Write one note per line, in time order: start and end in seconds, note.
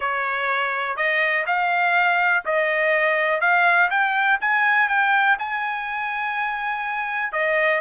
0.00 0.96 C#5
0.96 1.45 D#5
1.46 2.44 F5
2.45 3.40 D#5
3.40 3.89 F5
3.90 4.39 G5
4.40 4.88 G#5
4.88 5.37 G5
5.38 7.32 G#5
7.32 7.80 D#5